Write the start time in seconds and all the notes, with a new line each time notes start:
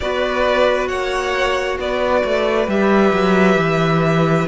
0.00 B3 F#4 B4 D5
0.87 A#3 C#5 F#5
1.78 B3 B4 D5
2.24 A3
2.67 G3 G4 E5
3.12 F#3
3.56 E3